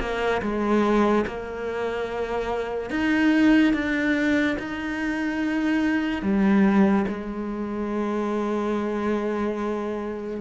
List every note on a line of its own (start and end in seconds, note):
0.00 0.42 A#3
0.42 1.25 G#3
1.27 2.91 A#3
2.91 3.73 D#4
3.73 4.57 D4
4.59 6.22 D#4
6.22 7.06 G3
7.08 10.41 G#3